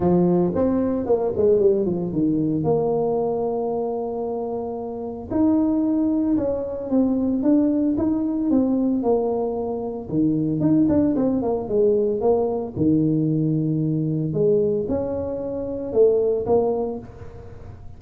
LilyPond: \new Staff \with { instrumentName = "tuba" } { \time 4/4 \tempo 4 = 113 f4 c'4 ais8 gis8 g8 f8 | dis4 ais2.~ | ais2 dis'2 | cis'4 c'4 d'4 dis'4 |
c'4 ais2 dis4 | dis'8 d'8 c'8 ais8 gis4 ais4 | dis2. gis4 | cis'2 a4 ais4 | }